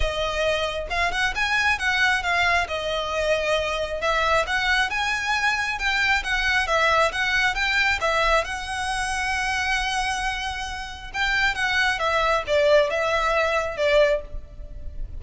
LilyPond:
\new Staff \with { instrumentName = "violin" } { \time 4/4 \tempo 4 = 135 dis''2 f''8 fis''8 gis''4 | fis''4 f''4 dis''2~ | dis''4 e''4 fis''4 gis''4~ | gis''4 g''4 fis''4 e''4 |
fis''4 g''4 e''4 fis''4~ | fis''1~ | fis''4 g''4 fis''4 e''4 | d''4 e''2 d''4 | }